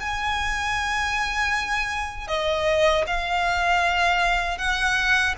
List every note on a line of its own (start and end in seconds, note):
0.00 2.27 G#5
2.27 3.04 D#5
3.06 4.58 F5
4.58 5.35 F#5